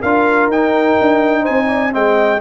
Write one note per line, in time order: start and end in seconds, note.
0.00 0.47 D4
0.00 0.52 F4
0.00 1.41 A#4
0.00 0.49 F5
0.47 0.95 D#4
0.47 1.91 D#4
0.47 1.45 G5
1.00 1.48 D4
1.41 1.65 C5
1.41 1.92 G#5
1.49 1.94 C4
1.67 1.91 D5
1.91 2.40 G#3
1.91 2.39 C4
1.91 2.40 D#5
1.91 2.40 G5